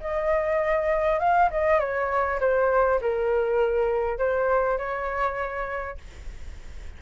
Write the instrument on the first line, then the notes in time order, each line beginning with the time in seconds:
flute
0.00 D#5
1.19 F5
1.51 D#5
1.79 C#5
2.40 C5
3.01 A#4
4.18 C5
4.78 C#5